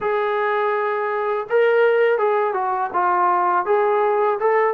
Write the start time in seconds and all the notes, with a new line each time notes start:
0.00 G#4
1.49 A#4
2.18 G#4
2.53 F#4
2.93 F4
3.66 G#4
4.39 A4